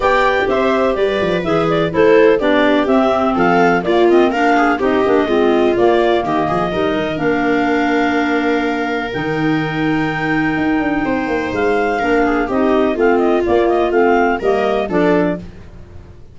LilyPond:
<<
  \new Staff \with { instrumentName = "clarinet" } { \time 4/4 \tempo 4 = 125 g''4 e''4 d''4 e''8 d''8 | c''4 d''4 e''4 f''4 | d''8 dis''8 f''4 dis''2 | d''4 dis''2 f''4~ |
f''2. g''4~ | g''1 | f''2 dis''4 f''8 dis''8 | d''8 dis''8 f''4 dis''4 d''4 | }
  \new Staff \with { instrumentName = "viola" } { \time 4/4 d''4 c''4 b'2 | a'4 g'2 a'4 | f'4 ais'8 gis'8 g'4 f'4~ | f'4 g'8 gis'8 ais'2~ |
ais'1~ | ais'2. c''4~ | c''4 ais'8 gis'8 g'4 f'4~ | f'2 ais'4 a'4 | }
  \new Staff \with { instrumentName = "clarinet" } { \time 4/4 g'2. gis'4 | e'4 d'4 c'2 | ais8 c'8 d'4 dis'8 d'8 c'4 | ais2 dis'4 d'4~ |
d'2. dis'4~ | dis'1~ | dis'4 d'4 dis'4 c'4 | ais4 c'4 ais4 d'4 | }
  \new Staff \with { instrumentName = "tuba" } { \time 4/4 b4 c'4 g8 f8 e4 | a4 b4 c'4 f4 | ais2 c'8 ais8 gis4 | ais4 dis8 f8 g8 dis8 ais4~ |
ais2. dis4~ | dis2 dis'8 d'8 c'8 ais8 | gis4 ais4 c'4 a4 | ais4 a4 g4 f4 | }
>>